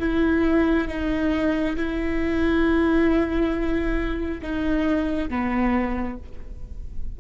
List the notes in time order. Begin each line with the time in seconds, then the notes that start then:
0.00 E4
0.88 D#4
1.76 E4
4.42 D#4
5.29 B3